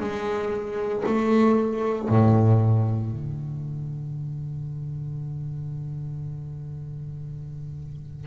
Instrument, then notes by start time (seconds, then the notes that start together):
double bass
0.00 G#3
1.06 A3
2.09 A2
3.11 D3